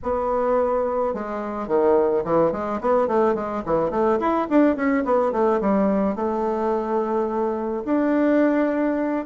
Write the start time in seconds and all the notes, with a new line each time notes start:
0.03 B3
1.14 G#3
1.67 D#3
2.24 E3
2.52 G#3
2.80 B3
3.07 A3
3.34 G#3
3.65 E3
3.90 A3
4.19 E4
4.49 D4
4.76 C#4
5.04 B3
5.32 A3
5.60 G3
6.15 A3
7.85 D4